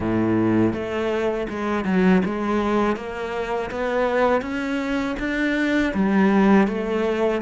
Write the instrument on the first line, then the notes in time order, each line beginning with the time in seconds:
cello
0.00 A2
0.73 A3
1.48 G#3
1.85 F#3
2.25 G#3
2.96 A#3
3.70 B3
4.41 C#4
5.19 D4
5.94 G3
6.67 A3